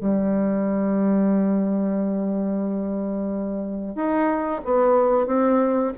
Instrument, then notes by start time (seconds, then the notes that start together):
bassoon
0.00 G3
3.96 D#4
4.65 B3
5.27 C4